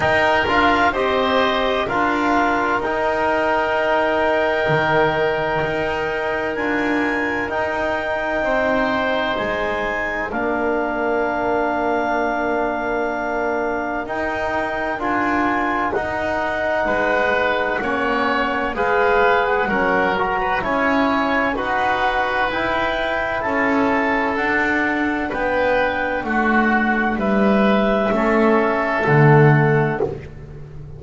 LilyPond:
<<
  \new Staff \with { instrumentName = "clarinet" } { \time 4/4 \tempo 4 = 64 g''8 f''8 dis''4 f''4 g''4~ | g''2. gis''4 | g''2 gis''4 f''4~ | f''2. g''4 |
gis''4 fis''2. | f''8. fis''8. ais''8 gis''4 fis''4 | g''4 a''4 fis''4 g''4 | fis''4 e''2 fis''4 | }
  \new Staff \with { instrumentName = "oboe" } { \time 4/4 ais'4 c''4 ais'2~ | ais'1~ | ais'4 c''2 ais'4~ | ais'1~ |
ais'2 b'4 cis''4 | b'4 ais'8. b'16 cis''4 b'4~ | b'4 a'2 b'4 | fis'4 b'4 a'2 | }
  \new Staff \with { instrumentName = "trombone" } { \time 4/4 dis'8 f'8 g'4 f'4 dis'4~ | dis'2. f'4 | dis'2. d'4~ | d'2. dis'4 |
f'4 dis'2 cis'4 | gis'4 cis'8 fis'8 e'4 fis'4 | e'2 d'2~ | d'2 cis'4 a4 | }
  \new Staff \with { instrumentName = "double bass" } { \time 4/4 dis'8 d'8 c'4 d'4 dis'4~ | dis'4 dis4 dis'4 d'4 | dis'4 c'4 gis4 ais4~ | ais2. dis'4 |
d'4 dis'4 gis4 ais4 | gis4 fis4 cis'4 dis'4 | e'4 cis'4 d'4 b4 | a4 g4 a4 d4 | }
>>